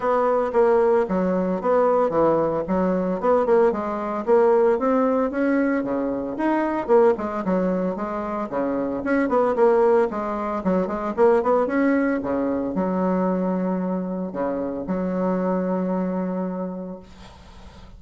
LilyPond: \new Staff \with { instrumentName = "bassoon" } { \time 4/4 \tempo 4 = 113 b4 ais4 fis4 b4 | e4 fis4 b8 ais8 gis4 | ais4 c'4 cis'4 cis4 | dis'4 ais8 gis8 fis4 gis4 |
cis4 cis'8 b8 ais4 gis4 | fis8 gis8 ais8 b8 cis'4 cis4 | fis2. cis4 | fis1 | }